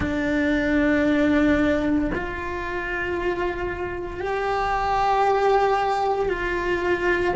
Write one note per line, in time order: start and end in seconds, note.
0.00 2.11 D4
2.14 4.20 F4
4.20 6.28 G4
6.28 7.33 F4